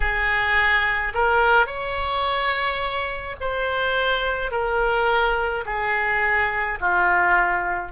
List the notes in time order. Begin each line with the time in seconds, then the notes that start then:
0.00 G#4
1.13 A#4
1.66 C#5
3.40 C5
4.51 A#4
5.66 G#4
6.80 F4